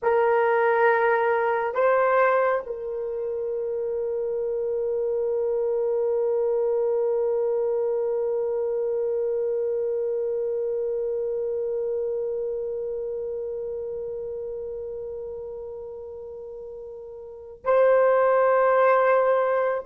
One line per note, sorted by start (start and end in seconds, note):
0.02 1.74 A#4
1.74 2.62 C5
2.66 17.64 A#4
17.64 19.84 C5